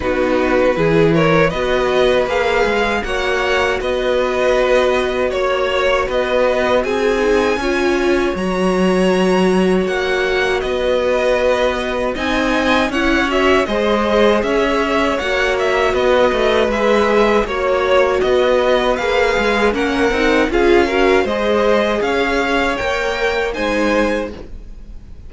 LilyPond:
<<
  \new Staff \with { instrumentName = "violin" } { \time 4/4 \tempo 4 = 79 b'4. cis''8 dis''4 f''4 | fis''4 dis''2 cis''4 | dis''4 gis''2 ais''4~ | ais''4 fis''4 dis''2 |
gis''4 fis''8 e''8 dis''4 e''4 | fis''8 e''8 dis''4 e''4 cis''4 | dis''4 f''4 fis''4 f''4 | dis''4 f''4 g''4 gis''4 | }
  \new Staff \with { instrumentName = "violin" } { \time 4/4 fis'4 gis'8 ais'8 b'2 | cis''4 b'2 cis''4 | b'4 gis'4 cis''2~ | cis''2 b'2 |
dis''4 cis''4 c''4 cis''4~ | cis''4 b'2 cis''4 | b'2 ais'4 gis'8 ais'8 | c''4 cis''2 c''4 | }
  \new Staff \with { instrumentName = "viola" } { \time 4/4 dis'4 e'4 fis'4 gis'4 | fis'1~ | fis'4. dis'8 f'4 fis'4~ | fis'1 |
dis'4 e'8 fis'8 gis'2 | fis'2 gis'4 fis'4~ | fis'4 gis'4 cis'8 dis'8 f'8 fis'8 | gis'2 ais'4 dis'4 | }
  \new Staff \with { instrumentName = "cello" } { \time 4/4 b4 e4 b4 ais8 gis8 | ais4 b2 ais4 | b4 c'4 cis'4 fis4~ | fis4 ais4 b2 |
c'4 cis'4 gis4 cis'4 | ais4 b8 a8 gis4 ais4 | b4 ais8 gis8 ais8 c'8 cis'4 | gis4 cis'4 ais4 gis4 | }
>>